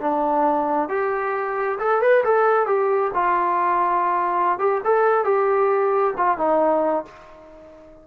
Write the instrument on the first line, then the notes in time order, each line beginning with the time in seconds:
trombone
0.00 D4
0.88 G4
1.79 A4
2.01 B4
2.24 A4
2.66 G4
3.13 F4
4.58 G4
4.84 A4
5.24 G4
6.17 F4
6.37 D#4